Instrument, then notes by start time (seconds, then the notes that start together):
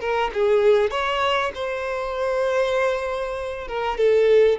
violin
0.00 A#4
0.33 G#4
0.91 C#5
1.54 C5
3.68 A#4
3.97 A4